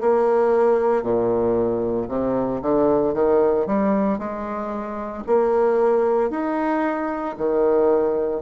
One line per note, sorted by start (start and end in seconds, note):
0.00 1.02 A#3
1.02 2.07 A#2
2.08 2.61 C3
2.61 3.13 D3
3.13 3.66 D#3
3.66 4.18 G3
4.18 5.23 G#3
5.26 6.30 A#3
6.30 7.35 D#4
7.37 8.42 D#3